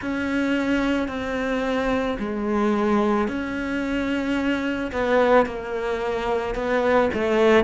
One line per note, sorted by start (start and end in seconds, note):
0.01 1.08 C#4
1.08 2.17 C4
2.18 3.27 G#3
3.27 4.91 C#4
4.91 5.45 B3
5.45 6.55 A#3
6.55 7.09 B3
7.13 7.64 A3